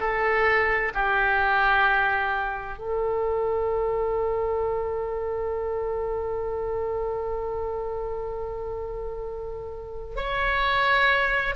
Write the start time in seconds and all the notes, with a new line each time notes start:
0.00 A4
0.94 G4
2.79 A4
10.16 C#5